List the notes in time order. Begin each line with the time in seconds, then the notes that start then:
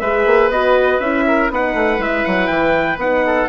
0.00 G#3 G#4 B4 E5
0.25 A#3
0.49 B3 F#4 D#5
0.99 C#4 E4 E5
1.27 A#4
1.50 B3 D#4 B4 F#5
1.73 A3
1.97 G#3 E4 E5
2.25 F#3 F#5
2.47 E3 G5
2.97 B3 D#4 F#5
3.26 A4